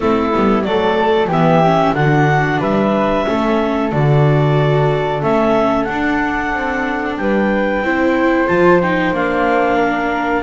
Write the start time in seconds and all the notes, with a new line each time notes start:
0.00 A3 C4 E4 A4
0.34 G3 B3
0.63 F#3 A4 D5
0.69 A3
1.27 E3 B3 G4 E5
1.64 C#4
1.94 D3 D4 F#4 F#5
2.60 G3 B4 E5
3.25 A3 C#4 A4
3.92 D3 F#4 D5
5.21 A3 C#4 E5
5.84 D4 F#5
6.53 C4
7.17 G3 B4 G5
7.82 C4 E4 C5
8.47 F3 F4 A5
8.81 D#4 G5
9.11 A#3 D4 F5
9.76 A#4